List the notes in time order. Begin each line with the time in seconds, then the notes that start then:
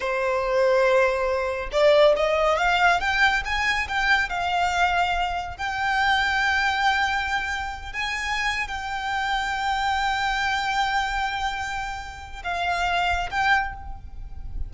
0.00 C5
1.71 D5
2.16 D#5
2.57 F5
3.00 G5
3.44 G#5
3.88 G5
4.29 F5
5.57 G5
7.92 G#5
8.67 G5
12.43 F5
13.30 G5